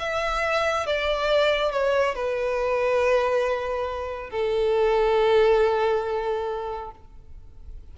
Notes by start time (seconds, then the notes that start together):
0.00 E5
0.87 D5
1.72 C#5
2.15 B4
4.31 A4